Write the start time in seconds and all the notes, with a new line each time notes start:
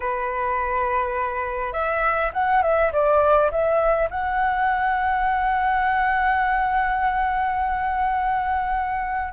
0.00 B4
1.73 E5
2.33 F#5
2.62 E5
2.92 D5
3.51 E5
4.10 F#5